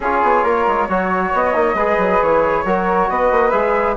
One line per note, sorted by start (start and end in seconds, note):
0.00 0.21 C#4
0.00 0.89 F4
0.00 0.43 G#4
0.00 1.34 C#5
0.22 0.43 B3
0.43 0.65 A#3
0.43 0.87 A#4
0.67 0.88 G#3
0.88 1.33 F#3
0.88 1.53 F#4
0.88 1.75 C#5
1.33 1.55 B3
1.33 2.22 D#5
1.53 1.74 A#3
1.53 1.76 D#4
1.74 1.96 G#3
1.74 2.65 G#4
1.74 2.64 B4
1.97 2.19 F#3
2.22 2.64 E3
2.22 3.09 C#5
2.64 3.08 F#3
2.64 3.52 F#4
2.64 3.09 A#4
3.09 3.31 B3
3.09 3.96 B4
3.09 3.50 D#5
3.31 3.52 A#3
3.50 3.96 G#3
3.50 3.96 G#4
3.50 3.94 E5